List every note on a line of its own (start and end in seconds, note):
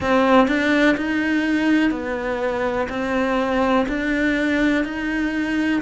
0.00 0.47 C4
0.47 0.95 D4
0.96 1.90 D#4
1.90 2.87 B3
2.89 3.85 C4
3.88 4.84 D4
4.84 5.81 D#4